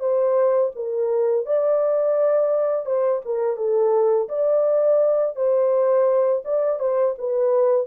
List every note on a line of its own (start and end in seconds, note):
0.00 0.71 C5
0.76 1.46 A#4
1.46 2.86 D5
2.86 3.22 C5
3.26 3.57 A#4
3.57 4.29 A4
4.29 5.36 D5
5.36 6.43 C5
6.45 6.80 D5
6.80 7.16 C5
7.19 7.87 B4